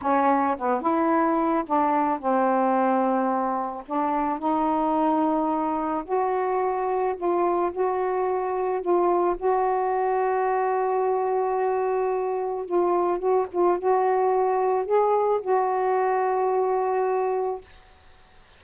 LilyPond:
\new Staff \with { instrumentName = "saxophone" } { \time 4/4 \tempo 4 = 109 cis'4 b8 e'4. d'4 | c'2. d'4 | dis'2. fis'4~ | fis'4 f'4 fis'2 |
f'4 fis'2.~ | fis'2. f'4 | fis'8 f'8 fis'2 gis'4 | fis'1 | }